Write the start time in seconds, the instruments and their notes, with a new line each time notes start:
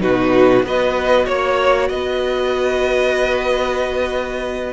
0.00 cello B2, viola D#4, violin F#4 B4
0.63 cello B3, viola F#4, violin B4 D#5
1.26 cello A#3, violin C#5
1.89 cello B3, violin B4 D#5